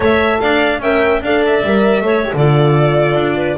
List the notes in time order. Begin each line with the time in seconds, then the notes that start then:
0.00 A3 A4 C#5 E5
0.40 D4 D5 F5
0.79 C#4 A#4 E5 G5
1.21 D4 A4 D5 F5
1.46 E5
1.63 G3 A#4
2.01 A3 A4 C#5
2.23 G4
2.33 D3 F4 A4 D5
3.14 D4
3.37 B4